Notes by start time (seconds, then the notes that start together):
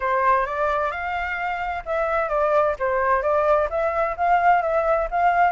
0.00 C5
0.46 D5
0.91 F5
1.85 E5
2.28 D5
2.79 C5
3.22 D5
3.69 E5
4.16 F5
4.62 E5
5.10 F5